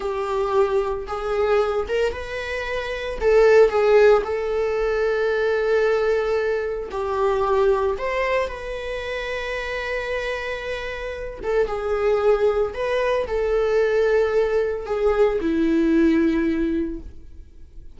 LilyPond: \new Staff \with { instrumentName = "viola" } { \time 4/4 \tempo 4 = 113 g'2 gis'4. ais'8 | b'2 a'4 gis'4 | a'1~ | a'4 g'2 c''4 |
b'1~ | b'4. a'8 gis'2 | b'4 a'2. | gis'4 e'2. | }